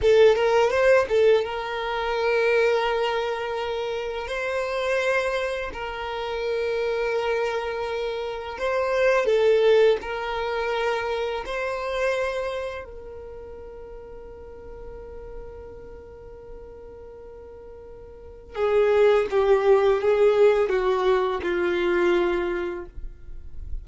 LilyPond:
\new Staff \with { instrumentName = "violin" } { \time 4/4 \tempo 4 = 84 a'8 ais'8 c''8 a'8 ais'2~ | ais'2 c''2 | ais'1 | c''4 a'4 ais'2 |
c''2 ais'2~ | ais'1~ | ais'2 gis'4 g'4 | gis'4 fis'4 f'2 | }